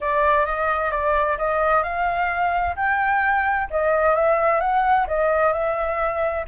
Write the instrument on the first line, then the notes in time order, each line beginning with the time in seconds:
flute
0.01 D5
0.45 D#5
0.91 D5
1.37 D#5
1.83 F5
2.76 G5
3.70 D#5
4.15 E5
4.60 F#5
5.07 D#5
5.53 E5